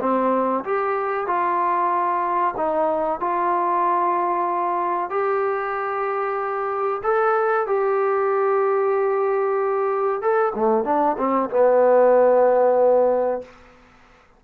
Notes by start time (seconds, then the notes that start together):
0.00 C4
0.64 G4
1.27 F4
2.57 D#4
3.20 F4
5.10 G4
7.03 A4
7.67 G4
10.22 A4
10.56 A3
10.84 D4
11.18 C4
11.50 B3